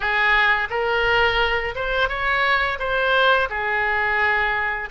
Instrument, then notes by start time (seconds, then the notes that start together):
oboe
0.00 G#4
0.70 A#4
1.75 C5
2.08 C#5
2.79 C5
3.49 G#4